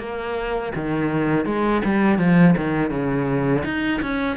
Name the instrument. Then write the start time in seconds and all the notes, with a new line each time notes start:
cello
0.00 A#3
0.75 D#3
1.46 G#3
1.85 G3
2.19 F3
2.57 D#3
2.91 C#3
3.65 D#4
4.02 C#4